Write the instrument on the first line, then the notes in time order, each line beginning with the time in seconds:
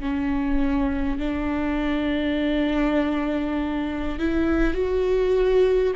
viola
0.00 C#4
1.18 D4
4.19 E4
4.74 F#4